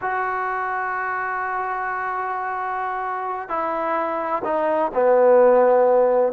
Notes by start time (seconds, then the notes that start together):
0.01 F#4
3.48 E4
4.44 D#4
4.93 B3